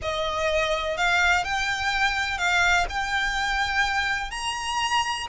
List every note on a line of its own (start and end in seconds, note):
0.01 0.97 D#5
0.97 1.44 F5
1.44 2.38 G5
2.38 2.86 F5
2.89 4.30 G5
4.30 5.26 A#5